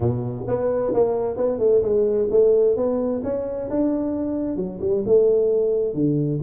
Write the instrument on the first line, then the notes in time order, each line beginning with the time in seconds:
tuba
0.00 B2
0.47 B3
0.93 A#3
1.36 B3
1.59 A3
1.82 G#3
2.30 A3
2.76 B3
3.23 C#4
3.70 D4
4.56 F#3
4.80 G3
5.05 A3
5.94 D3